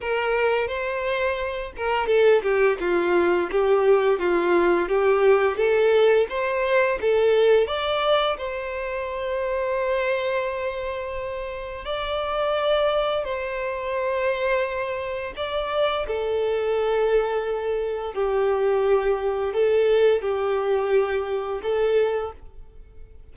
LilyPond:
\new Staff \with { instrumentName = "violin" } { \time 4/4 \tempo 4 = 86 ais'4 c''4. ais'8 a'8 g'8 | f'4 g'4 f'4 g'4 | a'4 c''4 a'4 d''4 | c''1~ |
c''4 d''2 c''4~ | c''2 d''4 a'4~ | a'2 g'2 | a'4 g'2 a'4 | }